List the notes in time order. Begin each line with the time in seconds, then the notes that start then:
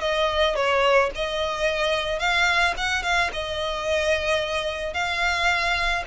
0.00 D#5
0.55 C#5
1.15 D#5
2.19 F5
2.77 F#5
3.03 F5
3.33 D#5
4.93 F5